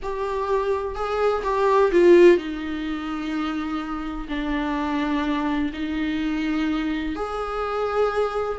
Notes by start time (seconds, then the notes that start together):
0.02 G4
0.95 G#4
1.43 G4
1.91 F4
2.37 D#4
4.28 D4
5.73 D#4
7.15 G#4